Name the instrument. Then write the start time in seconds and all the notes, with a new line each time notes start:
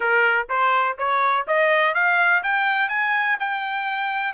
trumpet
0.00 A#4
0.49 C5
0.97 C#5
1.47 D#5
1.94 F5
2.43 G5
2.88 G#5
3.39 G5